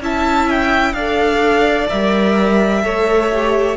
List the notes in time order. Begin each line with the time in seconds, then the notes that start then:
0.00 C#4 E4 E5 A5
0.50 G5
0.93 D4 A4 D5 F5
1.89 G3 A#4 E5
2.82 A3 A4 C#5
3.32 G4